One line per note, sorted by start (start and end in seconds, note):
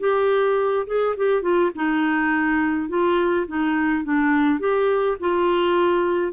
0.00 0.87 G4
0.87 1.16 G#4
1.17 1.42 G4
1.42 1.71 F4
1.76 2.89 D#4
2.89 3.47 F4
3.48 4.04 D#4
4.04 4.60 D4
4.60 5.18 G4
5.20 6.33 F4